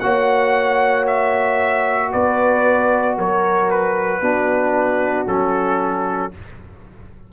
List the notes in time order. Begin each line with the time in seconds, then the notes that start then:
0.00 A#3 F#4 C#5 F#5
1.07 E5
2.12 B3 B4 D5
3.16 F#3 A#4 C#5
3.70 B4
4.21 B3 D4 F#4
5.26 F#3 C#4 A4